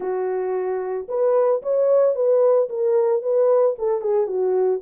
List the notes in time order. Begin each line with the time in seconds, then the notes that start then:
0.00 F#4
1.08 B4
1.62 C#5
2.15 B4
2.69 A#4
3.22 B4
3.78 A4
4.01 G#4
4.26 F#4